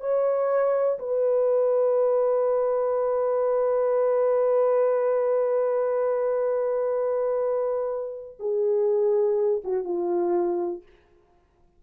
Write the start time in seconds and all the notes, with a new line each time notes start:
0.00 C#5
0.99 B4
8.39 G#4
9.64 F#4
9.84 F4